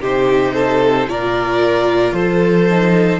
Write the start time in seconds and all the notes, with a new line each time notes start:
0.00 C3 D#4 G4 C5
0.54 A4
1.08 A#2 F4 A#4 D5
2.12 F3 A4 C5
2.70 D#4